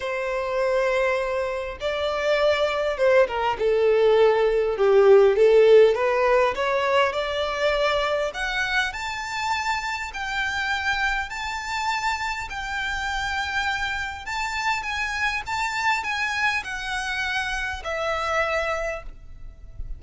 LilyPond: \new Staff \with { instrumentName = "violin" } { \time 4/4 \tempo 4 = 101 c''2. d''4~ | d''4 c''8 ais'8 a'2 | g'4 a'4 b'4 cis''4 | d''2 fis''4 a''4~ |
a''4 g''2 a''4~ | a''4 g''2. | a''4 gis''4 a''4 gis''4 | fis''2 e''2 | }